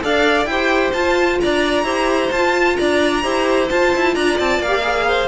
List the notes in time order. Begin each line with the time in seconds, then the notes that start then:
0.00 D4 A4 D5 F5
0.45 E4 G4 C5 G5
0.93 F4 A5
1.40 D4 D5 A#5
1.83 E4 G4 C5
2.31 F4 A5
2.76 D4 D5 A#5
3.22 E4 G4 C5
3.69 F4 A5
3.95 E4
4.14 D4 D5 A#5
4.39 C4 A5
4.58 A#3 F5
4.67 G4
4.82 G#4
5.07 C5